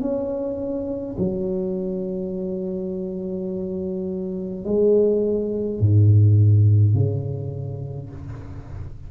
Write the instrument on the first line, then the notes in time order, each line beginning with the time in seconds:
tuba
0.00 C#4
1.18 F#3
4.64 G#3
5.80 G#2
6.94 C#3